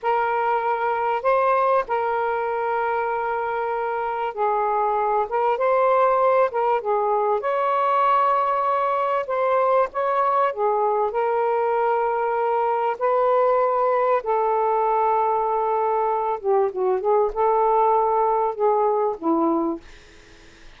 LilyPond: \new Staff \with { instrumentName = "saxophone" } { \time 4/4 \tempo 4 = 97 ais'2 c''4 ais'4~ | ais'2. gis'4~ | gis'8 ais'8 c''4. ais'8 gis'4 | cis''2. c''4 |
cis''4 gis'4 ais'2~ | ais'4 b'2 a'4~ | a'2~ a'8 g'8 fis'8 gis'8 | a'2 gis'4 e'4 | }